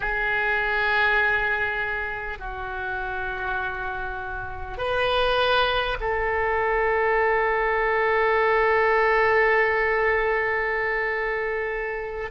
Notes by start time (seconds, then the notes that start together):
0.00 G#4
2.38 F#4
4.77 B4
6.00 A4